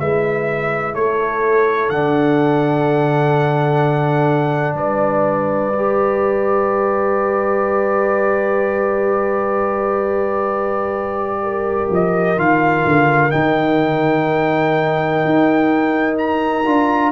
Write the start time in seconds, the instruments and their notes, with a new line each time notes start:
0.00 tuba G#3, trombone E4, horn B4, trumpet E5
0.95 tuba A3, horn A4, trumpet C#5
1.90 tuba D3, trombone D4, trumpet F#5
4.75 tuba G3, horn B4, trumpet D5
5.74 trombone G4
11.43 horn A#4
11.90 tuba F3, trumpet D#5
12.37 tuba D#3, trombone F4, trumpet F5
12.86 tuba D3
13.31 tuba D#3, trombone D#4, trumpet G5
15.25 tuba D#4
16.18 trumpet A#5
16.66 tuba D4, trombone F4